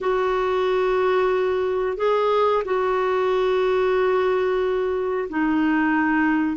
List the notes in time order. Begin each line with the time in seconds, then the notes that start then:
0.00 F#4
1.97 G#4
2.64 F#4
5.29 D#4